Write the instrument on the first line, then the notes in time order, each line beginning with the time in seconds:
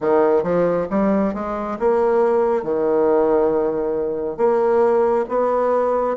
bassoon
0.00 D#3
0.43 F3
0.90 G3
1.34 G#3
1.79 A#3
2.63 D#3
4.37 A#3
5.28 B3